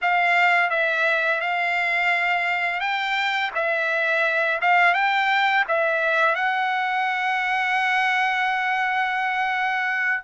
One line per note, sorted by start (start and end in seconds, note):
0.01 0.70 F5
0.70 1.40 E5
1.41 2.80 F5
2.80 3.51 G5
3.54 4.60 E5
4.61 4.93 F5
4.93 5.64 G5
5.68 6.35 E5
6.35 10.23 F#5